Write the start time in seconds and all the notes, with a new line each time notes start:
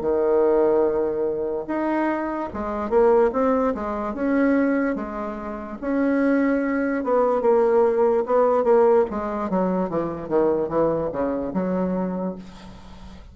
0.00 D#3
1.67 D#4
2.53 G#3
2.89 A#3
3.33 C4
3.74 G#3
4.14 C#4
4.95 G#3
5.81 C#4
7.03 B3
7.41 A#3
8.25 B3
8.63 A#3
9.10 G#3
9.49 F#3
9.89 E3
10.28 D#3
10.68 E3
11.12 C#3
11.53 F#3